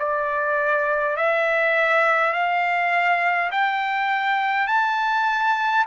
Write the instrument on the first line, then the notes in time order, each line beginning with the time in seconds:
trumpet
0.00 D5
1.17 E5
2.33 F5
3.51 G5
4.67 A5